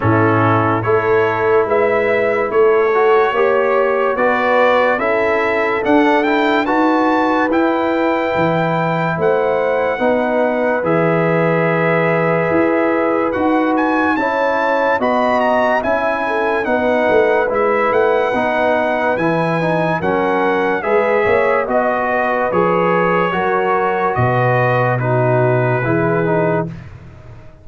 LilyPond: <<
  \new Staff \with { instrumentName = "trumpet" } { \time 4/4 \tempo 4 = 72 a'4 cis''4 e''4 cis''4~ | cis''4 d''4 e''4 fis''8 g''8 | a''4 g''2 fis''4~ | fis''4 e''2. |
fis''8 gis''8 a''4 b''8 ais''8 gis''4 | fis''4 e''8 fis''4. gis''4 | fis''4 e''4 dis''4 cis''4~ | cis''4 dis''4 b'2 | }
  \new Staff \with { instrumentName = "horn" } { \time 4/4 e'4 a'4 b'4 a'4 | cis''4 b'4 a'2 | b'2. c''4 | b'1~ |
b'4 cis''4 dis''4 e''8 a'8 | b'1 | ais'4 b'8 cis''8 dis''8 b'4. | ais'4 b'4 fis'4 gis'4 | }
  \new Staff \with { instrumentName = "trombone" } { \time 4/4 cis'4 e'2~ e'8 fis'8 | g'4 fis'4 e'4 d'8 e'8 | fis'4 e'2. | dis'4 gis'2. |
fis'4 e'4 fis'4 e'4 | dis'4 e'4 dis'4 e'8 dis'8 | cis'4 gis'4 fis'4 gis'4 | fis'2 dis'4 e'8 dis'8 | }
  \new Staff \with { instrumentName = "tuba" } { \time 4/4 a,4 a4 gis4 a4 | ais4 b4 cis'4 d'4 | dis'4 e'4 e4 a4 | b4 e2 e'4 |
dis'4 cis'4 b4 cis'4 | b8 a8 gis8 a8 b4 e4 | fis4 gis8 ais8 b4 f4 | fis4 b,2 e4 | }
>>